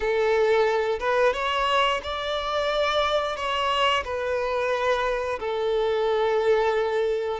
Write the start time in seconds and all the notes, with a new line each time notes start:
0.00 A4
0.99 B4
1.33 C#5
2.03 D5
3.36 C#5
4.04 B4
5.39 A4